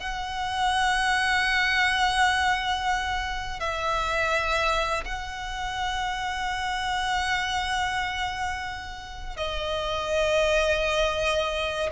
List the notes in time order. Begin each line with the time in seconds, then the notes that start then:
0.00 F#5
3.60 E5
5.05 F#5
9.37 D#5